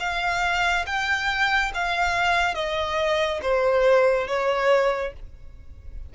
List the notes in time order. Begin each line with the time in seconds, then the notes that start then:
0.00 F5
0.86 G5
1.75 F5
2.55 D#5
3.42 C5
4.28 C#5